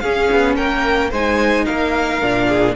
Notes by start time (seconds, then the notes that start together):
0.00 C#4 G#4 F5
0.31 B3
0.56 A#3 A#4 G5
1.11 G#3 D#4 C5 G#5
1.66 A#3 A#4 F5
2.22 A#2 D4
2.48 G#4